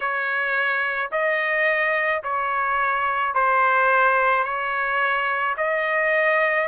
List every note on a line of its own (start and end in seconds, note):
0.00 1.10 C#5
1.11 2.22 D#5
2.23 3.34 C#5
3.34 4.44 C5
4.44 5.55 C#5
5.57 6.68 D#5